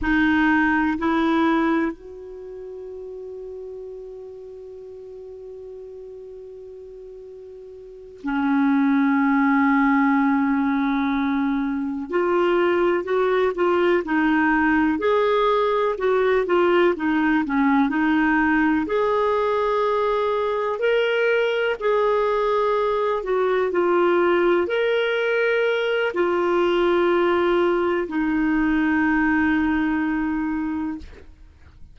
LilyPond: \new Staff \with { instrumentName = "clarinet" } { \time 4/4 \tempo 4 = 62 dis'4 e'4 fis'2~ | fis'1~ | fis'8 cis'2.~ cis'8~ | cis'8 f'4 fis'8 f'8 dis'4 gis'8~ |
gis'8 fis'8 f'8 dis'8 cis'8 dis'4 gis'8~ | gis'4. ais'4 gis'4. | fis'8 f'4 ais'4. f'4~ | f'4 dis'2. | }